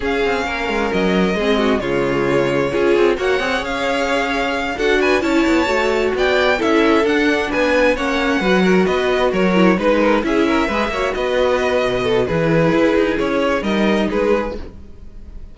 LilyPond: <<
  \new Staff \with { instrumentName = "violin" } { \time 4/4 \tempo 4 = 132 f''2 dis''2 | cis''2. fis''4 | f''2~ f''8 fis''8 gis''8 a''8~ | a''4. g''4 e''4 fis''8~ |
fis''8 gis''4 fis''2 dis''8~ | dis''8 cis''4 b'4 e''4.~ | e''8 dis''2~ dis''8 b'4~ | b'4 cis''4 dis''4 b'4 | }
  \new Staff \with { instrumentName = "violin" } { \time 4/4 gis'4 ais'2 gis'8 fis'8 | f'2 gis'4 cis''4~ | cis''2~ cis''8 a'8 b'8 cis''8~ | cis''4. d''4 a'4.~ |
a'8 b'4 cis''4 b'8 ais'8 b'8~ | b'8 ais'4 b'8 ais'8 gis'8 ais'8 b'8 | cis''8 b'2 a'8 gis'4~ | gis'2 ais'4 gis'4 | }
  \new Staff \with { instrumentName = "viola" } { \time 4/4 cis'2. c'4 | gis2 f'4 fis'8 gis'8~ | gis'2~ gis'8 fis'4 e'8~ | e'8 fis'2 e'4 d'8~ |
d'4. cis'4 fis'4.~ | fis'4 e'8 dis'4 e'4 gis'8 | fis'2. e'4~ | e'2 dis'2 | }
  \new Staff \with { instrumentName = "cello" } { \time 4/4 cis'8 c'8 ais8 gis8 fis4 gis4 | cis2 cis'8 c'8 ais8 c'8 | cis'2~ cis'8 d'4 cis'8 | b8 a4 b4 cis'4 d'8~ |
d'8 b4 ais4 fis4 b8~ | b8 fis4 gis4 cis'4 gis8 | ais8 b4. b,4 e4 | e'8 dis'8 cis'4 g4 gis4 | }
>>